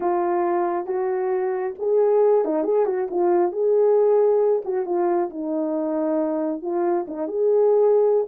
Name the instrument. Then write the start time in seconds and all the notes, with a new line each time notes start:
horn
0.00 F4
0.86 F#4
1.78 G#4
2.44 D#4
2.63 G#4
2.85 F#4
3.10 F4
3.52 G#4
4.64 F#4
4.85 F4
5.30 D#4
6.62 F4
7.07 D#4
7.27 G#4